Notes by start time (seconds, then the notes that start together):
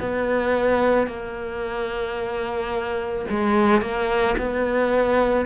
0.00 B3
1.07 A#3
3.30 G#3
3.81 A#3
4.38 B3